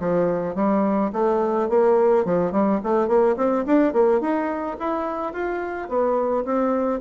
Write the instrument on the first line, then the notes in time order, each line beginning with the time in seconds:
bassoon
0.00 F3
0.56 G3
1.13 A3
1.69 A#3
2.26 F3
2.53 G3
2.84 A3
3.08 A#3
3.37 C4
3.67 D4
3.94 A#3
4.21 D#4
4.80 E4
5.33 F4
5.89 B3
6.46 C4